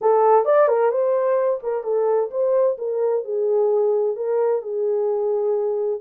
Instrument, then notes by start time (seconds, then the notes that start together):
horn
0.01 A4
0.45 D5
0.68 A#4
0.90 C5
1.63 A#4
1.83 A4
2.31 C5
2.78 A#4
3.24 G#4
4.16 A#4
4.62 G#4